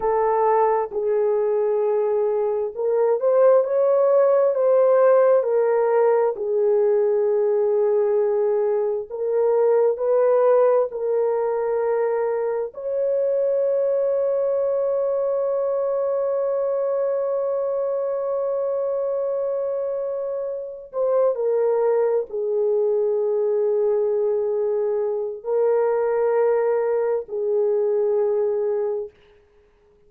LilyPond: \new Staff \with { instrumentName = "horn" } { \time 4/4 \tempo 4 = 66 a'4 gis'2 ais'8 c''8 | cis''4 c''4 ais'4 gis'4~ | gis'2 ais'4 b'4 | ais'2 cis''2~ |
cis''1~ | cis''2. c''8 ais'8~ | ais'8 gis'2.~ gis'8 | ais'2 gis'2 | }